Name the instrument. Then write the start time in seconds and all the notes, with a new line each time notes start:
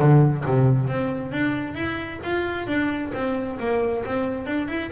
double bass
0.00 D3
0.46 C3
0.88 C4
1.32 D4
1.75 E4
2.24 F4
2.68 D4
3.14 C4
3.60 A#3
4.05 C4
4.47 D4
4.69 E4